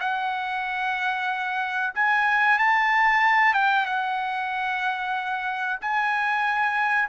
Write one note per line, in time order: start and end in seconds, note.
0.00 1.94 F#5
1.95 2.59 G#5
2.59 3.54 A5
3.54 3.86 G5
3.86 5.79 F#5
5.81 7.09 G#5